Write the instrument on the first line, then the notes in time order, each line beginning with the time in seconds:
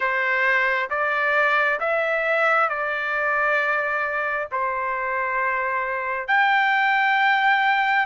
trumpet
0.00 C5
0.90 D5
1.80 E5
2.69 D5
4.51 C5
6.27 G5